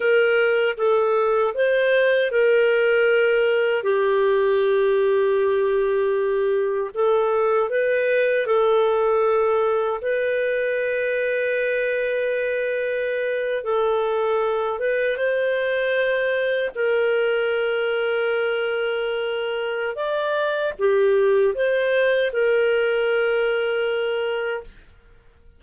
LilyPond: \new Staff \with { instrumentName = "clarinet" } { \time 4/4 \tempo 4 = 78 ais'4 a'4 c''4 ais'4~ | ais'4 g'2.~ | g'4 a'4 b'4 a'4~ | a'4 b'2.~ |
b'4.~ b'16 a'4. b'8 c''16~ | c''4.~ c''16 ais'2~ ais'16~ | ais'2 d''4 g'4 | c''4 ais'2. | }